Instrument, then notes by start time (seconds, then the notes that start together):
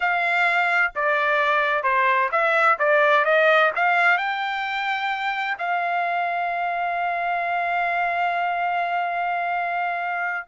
trumpet
0.00 F5
0.95 D5
1.83 C5
2.31 E5
2.78 D5
3.24 D#5
3.75 F5
4.17 G5
5.58 F5